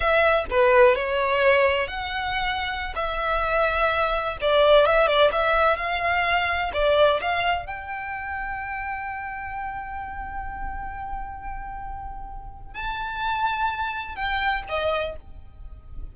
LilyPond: \new Staff \with { instrumentName = "violin" } { \time 4/4 \tempo 4 = 127 e''4 b'4 cis''2 | fis''2~ fis''16 e''4.~ e''16~ | e''4~ e''16 d''4 e''8 d''8 e''8.~ | e''16 f''2 d''4 f''8.~ |
f''16 g''2.~ g''8.~ | g''1~ | g''2. a''4~ | a''2 g''4 dis''4 | }